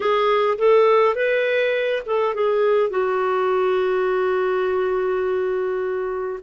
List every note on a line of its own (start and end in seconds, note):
0.00 0.57 G#4
0.58 1.15 A4
1.15 2.02 B4
2.06 2.34 A4
2.34 2.90 G#4
2.90 6.39 F#4